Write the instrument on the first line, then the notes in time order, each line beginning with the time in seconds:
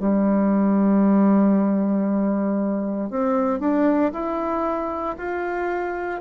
bassoon
0.00 G3
3.10 C4
3.60 D4
4.13 E4
5.18 F4